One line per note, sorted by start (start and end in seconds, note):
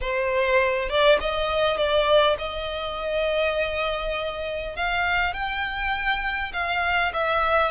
0.00 0.89 C5
0.89 1.18 D5
1.20 1.77 D#5
1.77 2.36 D5
2.38 4.76 D#5
4.76 5.33 F5
5.33 6.52 G5
6.53 7.12 F5
7.13 7.71 E5